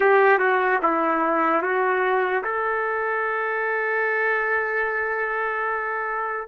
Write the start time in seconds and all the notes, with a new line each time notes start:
0.00 G4
0.38 F#4
0.82 E4
1.62 F#4
2.43 A4